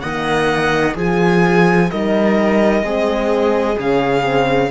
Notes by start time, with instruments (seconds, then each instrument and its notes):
0.00 cello D#3, horn A#3, viola D#5, violin F#5
0.95 cello F3, horn F4, viola G#4, violin G#5
1.89 cello G3, horn D#4, viola A#4, violin D#5
2.83 cello G#3, horn C4, viola G#4
3.78 cello C#3, horn C#4, violin F5
4.22 horn C4